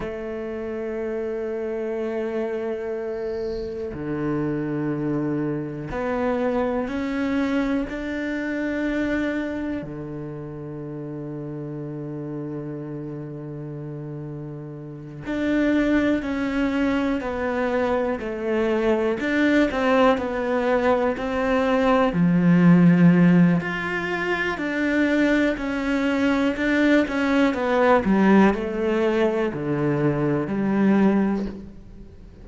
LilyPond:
\new Staff \with { instrumentName = "cello" } { \time 4/4 \tempo 4 = 61 a1 | d2 b4 cis'4 | d'2 d2~ | d2.~ d8 d'8~ |
d'8 cis'4 b4 a4 d'8 | c'8 b4 c'4 f4. | f'4 d'4 cis'4 d'8 cis'8 | b8 g8 a4 d4 g4 | }